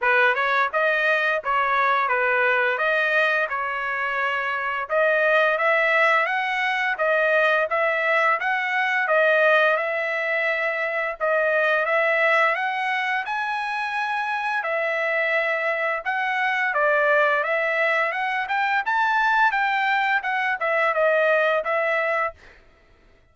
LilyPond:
\new Staff \with { instrumentName = "trumpet" } { \time 4/4 \tempo 4 = 86 b'8 cis''8 dis''4 cis''4 b'4 | dis''4 cis''2 dis''4 | e''4 fis''4 dis''4 e''4 | fis''4 dis''4 e''2 |
dis''4 e''4 fis''4 gis''4~ | gis''4 e''2 fis''4 | d''4 e''4 fis''8 g''8 a''4 | g''4 fis''8 e''8 dis''4 e''4 | }